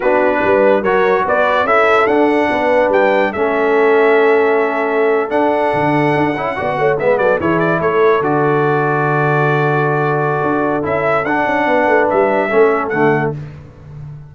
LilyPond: <<
  \new Staff \with { instrumentName = "trumpet" } { \time 4/4 \tempo 4 = 144 b'2 cis''4 d''4 | e''4 fis''2 g''4 | e''1~ | e''8. fis''2.~ fis''16~ |
fis''8. e''8 d''8 cis''8 d''8 cis''4 d''16~ | d''1~ | d''2 e''4 fis''4~ | fis''4 e''2 fis''4 | }
  \new Staff \with { instrumentName = "horn" } { \time 4/4 fis'4 b'4 ais'4 b'4 | a'2 b'2 | a'1~ | a'2.~ a'8. d''16~ |
d''16 cis''8 b'8 a'8 gis'4 a'4~ a'16~ | a'1~ | a'1 | b'2 a'2 | }
  \new Staff \with { instrumentName = "trombone" } { \time 4/4 d'2 fis'2 | e'4 d'2. | cis'1~ | cis'8. d'2~ d'8 e'8 fis'16~ |
fis'8. b4 e'2 fis'16~ | fis'1~ | fis'2 e'4 d'4~ | d'2 cis'4 a4 | }
  \new Staff \with { instrumentName = "tuba" } { \time 4/4 b4 g4 fis4 b4 | cis'4 d'4 b4 g4 | a1~ | a8. d'4 d4 d'8 cis'8 b16~ |
b16 a8 gis8 fis8 e4 a4 d16~ | d1~ | d4 d'4 cis'4 d'8 cis'8 | b8 a8 g4 a4 d4 | }
>>